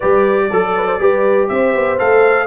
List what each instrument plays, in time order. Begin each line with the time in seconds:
0.00 tuba G3, trombone G4, horn B4, trumpet D5
0.49 tuba F#3, horn A4, trombone A4
0.76 horn B4
0.86 horn C5
0.99 tuba G3, trombone G4, horn B4
1.48 tuba C4, horn C5, trumpet E5
1.74 tuba B3
1.98 tuba A3, trombone A4, trumpet F5